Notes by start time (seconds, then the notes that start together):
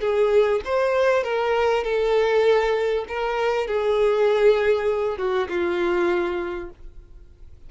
0.00 G#4
0.64 C5
1.23 A#4
1.84 A4
3.08 A#4
3.67 G#4
5.17 F#4
5.48 F4